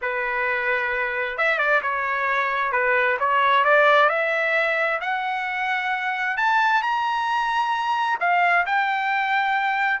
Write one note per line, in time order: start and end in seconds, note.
0.01 1.37 B4
1.37 1.58 E5
1.58 1.81 D5
1.82 2.72 C#5
2.72 3.17 B4
3.19 3.64 C#5
3.64 4.09 D5
4.09 5.00 E5
5.00 6.37 F#5
6.37 6.82 A5
6.82 8.18 A#5
8.20 8.65 F5
8.65 10.00 G5